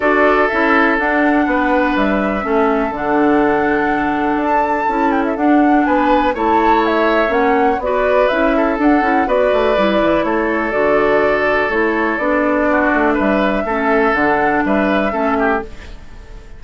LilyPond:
<<
  \new Staff \with { instrumentName = "flute" } { \time 4/4 \tempo 4 = 123 d''4 e''4 fis''2 | e''2 fis''2~ | fis''4 a''4. g''16 e''16 fis''4 | gis''4 a''4 e''4 fis''4 |
d''4 e''4 fis''4 d''4~ | d''4 cis''4 d''2 | cis''4 d''2 e''4~ | e''4 fis''4 e''2 | }
  \new Staff \with { instrumentName = "oboe" } { \time 4/4 a'2. b'4~ | b'4 a'2.~ | a'1 | b'4 cis''2. |
b'4. a'4. b'4~ | b'4 a'2.~ | a'2 fis'4 b'4 | a'2 b'4 a'8 g'8 | }
  \new Staff \with { instrumentName = "clarinet" } { \time 4/4 fis'4 e'4 d'2~ | d'4 cis'4 d'2~ | d'2 e'4 d'4~ | d'4 e'2 cis'4 |
fis'4 e'4 d'8 e'8 fis'4 | e'2 fis'2 | e'4 d'2. | cis'4 d'2 cis'4 | }
  \new Staff \with { instrumentName = "bassoon" } { \time 4/4 d'4 cis'4 d'4 b4 | g4 a4 d2~ | d4 d'4 cis'4 d'4 | b4 a2 ais4 |
b4 cis'4 d'8 cis'8 b8 a8 | g8 e8 a4 d2 | a4 b4. a8 g4 | a4 d4 g4 a4 | }
>>